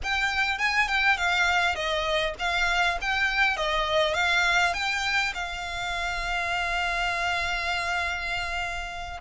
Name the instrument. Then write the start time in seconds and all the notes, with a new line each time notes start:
violin
0.03 G5
0.58 G#5
0.87 G5
1.17 F5
1.75 D#5
2.38 F5
3.01 G5
3.56 D#5
4.14 F5
4.73 G5
5.34 F5